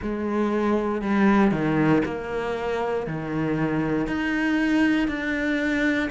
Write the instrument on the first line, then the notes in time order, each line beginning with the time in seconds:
cello
0.02 G#3
1.01 G3
1.51 D#3
2.05 A#3
3.06 D#3
4.07 D#4
5.08 D4